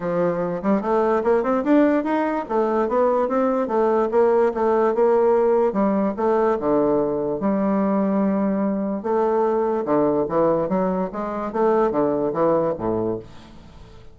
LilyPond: \new Staff \with { instrumentName = "bassoon" } { \time 4/4 \tempo 4 = 146 f4. g8 a4 ais8 c'8 | d'4 dis'4 a4 b4 | c'4 a4 ais4 a4 | ais2 g4 a4 |
d2 g2~ | g2 a2 | d4 e4 fis4 gis4 | a4 d4 e4 a,4 | }